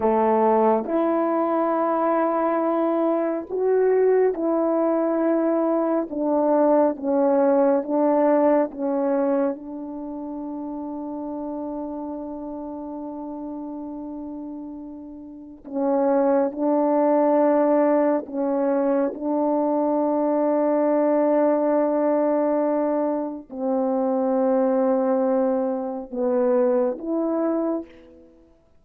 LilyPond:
\new Staff \with { instrumentName = "horn" } { \time 4/4 \tempo 4 = 69 a4 e'2. | fis'4 e'2 d'4 | cis'4 d'4 cis'4 d'4~ | d'1~ |
d'2 cis'4 d'4~ | d'4 cis'4 d'2~ | d'2. c'4~ | c'2 b4 e'4 | }